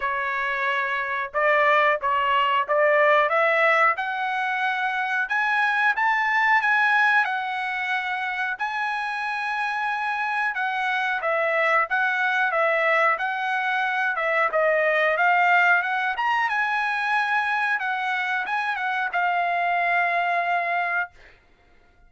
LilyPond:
\new Staff \with { instrumentName = "trumpet" } { \time 4/4 \tempo 4 = 91 cis''2 d''4 cis''4 | d''4 e''4 fis''2 | gis''4 a''4 gis''4 fis''4~ | fis''4 gis''2. |
fis''4 e''4 fis''4 e''4 | fis''4. e''8 dis''4 f''4 | fis''8 ais''8 gis''2 fis''4 | gis''8 fis''8 f''2. | }